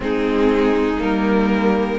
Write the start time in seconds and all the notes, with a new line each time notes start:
0.00 G#3 C4 D#4 G#4
0.99 G3 A#3 A#4